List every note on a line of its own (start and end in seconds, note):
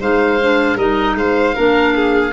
0.00 0.76 G#3
0.00 0.39 D#4
0.00 0.76 C5
0.00 0.78 F5
0.42 0.79 D4
0.76 1.15 G3
0.76 1.55 D#4
0.76 1.15 A#4
0.76 1.17 D#5
1.15 1.54 G#3
1.15 1.55 C5
1.15 2.33 F5
1.55 2.33 A#3
1.55 2.33 D4
1.55 1.94 A#4
1.95 2.33 G#4